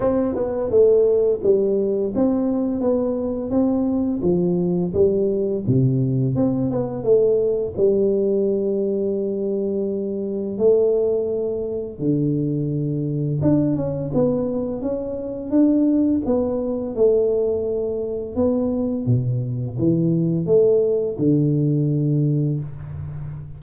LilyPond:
\new Staff \with { instrumentName = "tuba" } { \time 4/4 \tempo 4 = 85 c'8 b8 a4 g4 c'4 | b4 c'4 f4 g4 | c4 c'8 b8 a4 g4~ | g2. a4~ |
a4 d2 d'8 cis'8 | b4 cis'4 d'4 b4 | a2 b4 b,4 | e4 a4 d2 | }